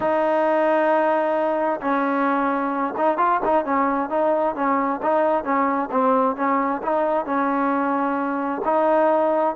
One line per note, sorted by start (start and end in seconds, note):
0.00 1.80 D#4
1.80 2.94 C#4
2.97 3.17 D#4
3.17 3.40 F4
3.44 3.65 D#4
3.65 4.09 C#4
4.09 4.55 D#4
4.55 5.00 C#4
5.02 5.44 D#4
5.44 5.89 C#4
5.91 6.36 C4
6.36 6.81 C#4
6.82 7.25 D#4
7.25 8.62 C#4
8.64 9.55 D#4